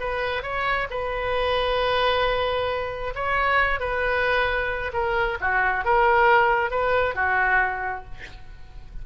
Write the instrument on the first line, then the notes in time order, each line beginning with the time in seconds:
oboe
0.00 B4
0.43 C#5
0.90 B4
3.15 C#5
3.80 B4
4.94 A#4
5.41 F#4
5.85 A#4
6.71 B4
7.15 F#4